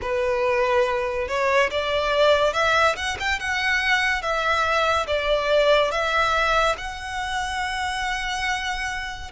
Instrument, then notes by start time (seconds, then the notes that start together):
violin
0.01 B4
1.28 C#5
1.70 D5
2.53 E5
2.96 F#5
3.19 G5
3.39 F#5
4.21 E5
5.06 D5
5.91 E5
6.77 F#5